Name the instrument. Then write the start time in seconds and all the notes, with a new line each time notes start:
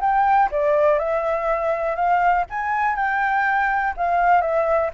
flute
0.00 G5
0.51 D5
0.98 E5
1.95 F5
2.49 G#5
2.95 G5
3.96 F5
4.41 E5